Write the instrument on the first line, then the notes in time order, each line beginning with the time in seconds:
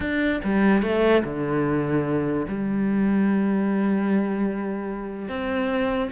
cello
0.00 D4
0.44 G3
0.82 A3
1.24 D3
2.47 G3
5.28 C4